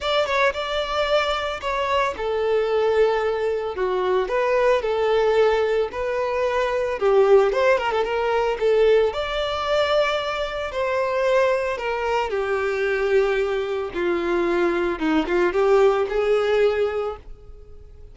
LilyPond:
\new Staff \with { instrumentName = "violin" } { \time 4/4 \tempo 4 = 112 d''8 cis''8 d''2 cis''4 | a'2. fis'4 | b'4 a'2 b'4~ | b'4 g'4 c''8 ais'16 a'16 ais'4 |
a'4 d''2. | c''2 ais'4 g'4~ | g'2 f'2 | dis'8 f'8 g'4 gis'2 | }